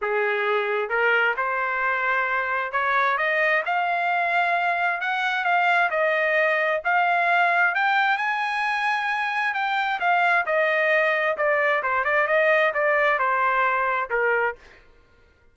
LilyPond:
\new Staff \with { instrumentName = "trumpet" } { \time 4/4 \tempo 4 = 132 gis'2 ais'4 c''4~ | c''2 cis''4 dis''4 | f''2. fis''4 | f''4 dis''2 f''4~ |
f''4 g''4 gis''2~ | gis''4 g''4 f''4 dis''4~ | dis''4 d''4 c''8 d''8 dis''4 | d''4 c''2 ais'4 | }